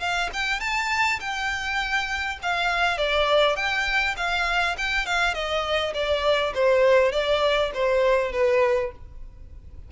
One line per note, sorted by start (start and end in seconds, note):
0.00 0.30 F5
0.33 0.60 G5
0.60 1.20 A5
1.20 2.39 G5
2.42 2.98 F5
2.98 3.56 D5
3.56 4.16 G5
4.17 4.76 F5
4.78 5.06 G5
5.06 5.34 F5
5.34 5.94 D#5
5.94 6.53 D5
6.55 7.12 C5
7.12 7.71 D5
7.74 8.32 C5
8.32 8.92 B4